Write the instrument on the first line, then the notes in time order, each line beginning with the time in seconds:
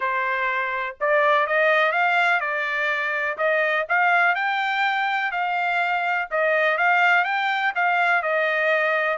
trumpet
0.00 C5
1.00 D5
1.46 D#5
1.92 F5
2.40 D5
3.37 D#5
3.88 F5
4.35 G5
5.31 F5
6.30 D#5
6.77 F5
7.24 G5
7.75 F5
8.22 D#5